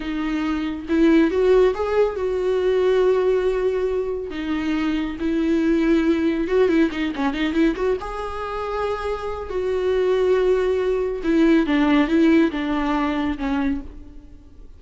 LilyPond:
\new Staff \with { instrumentName = "viola" } { \time 4/4 \tempo 4 = 139 dis'2 e'4 fis'4 | gis'4 fis'2.~ | fis'2 dis'2 | e'2. fis'8 e'8 |
dis'8 cis'8 dis'8 e'8 fis'8 gis'4.~ | gis'2 fis'2~ | fis'2 e'4 d'4 | e'4 d'2 cis'4 | }